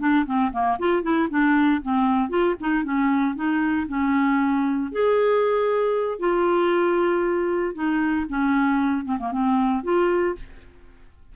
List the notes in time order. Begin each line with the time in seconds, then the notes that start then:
0.00 D4
0.26 C4
0.52 A#3
0.79 F4
1.03 E4
1.30 D4
1.82 C4
2.30 F4
2.61 D#4
2.84 C#4
3.36 D#4
3.89 C#4
4.92 G#4
6.20 F4
7.75 D#4
8.29 C#4
9.05 C4
9.19 A#3
9.32 C4
9.84 F4